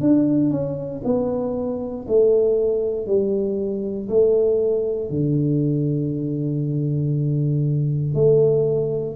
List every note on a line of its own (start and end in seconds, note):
0.00 0.50 D4
0.50 1.01 C#4
1.04 2.06 B3
2.08 3.06 A3
3.06 4.08 G3
4.09 5.09 A3
5.09 8.14 D3
8.14 9.15 A3